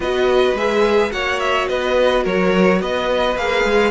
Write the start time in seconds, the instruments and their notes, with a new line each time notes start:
0.00 cello B3, viola F#4, violin B4 D#5
0.54 cello G#3, viola G#4, violin E5
1.10 cello A#3, viola F#4, violin C#5 F#5
1.39 violin E5
1.68 cello B3, violin B4 D#5
2.23 cello F#3, violin A#4 C#5
2.81 cello B3, violin B4 D#5
3.36 cello A#3, viola G#4, violin F5
3.64 cello G#3